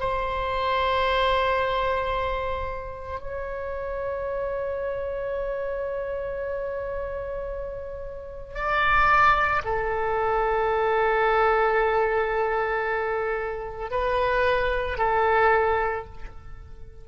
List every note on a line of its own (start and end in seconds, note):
0.00 3.20 C5
3.20 8.55 C#5
8.55 9.62 D5
9.65 13.91 A4
13.91 14.98 B4
14.98 16.05 A4